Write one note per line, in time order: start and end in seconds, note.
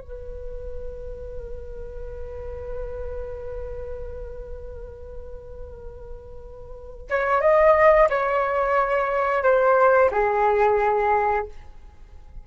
0.00 7.08 B4
7.10 7.41 C#5
7.41 8.08 D#5
8.09 9.43 C#5
9.43 10.10 C5
10.11 11.46 G#4